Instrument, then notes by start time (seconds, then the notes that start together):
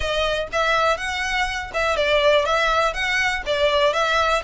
violin
0.00 D#5
0.52 E5
0.97 F#5
1.73 E5
1.96 D5
2.45 E5
2.93 F#5
3.46 D5
3.93 E5